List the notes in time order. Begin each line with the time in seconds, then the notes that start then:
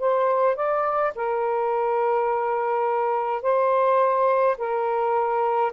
0.00 C5
0.56 D5
1.16 A#4
3.43 C5
4.58 A#4